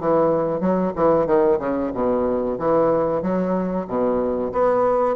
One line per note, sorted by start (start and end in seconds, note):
0.00 0.60 E3
0.60 0.93 F#3
0.96 1.26 E3
1.26 1.59 D#3
1.59 1.91 C#3
1.94 2.58 B2
2.59 3.22 E3
3.22 3.87 F#3
3.87 4.52 B2
4.52 5.16 B3